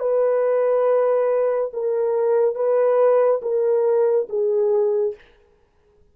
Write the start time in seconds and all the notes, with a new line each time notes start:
0.00 B4
1.73 A#4
2.56 B4
3.42 A#4
4.29 G#4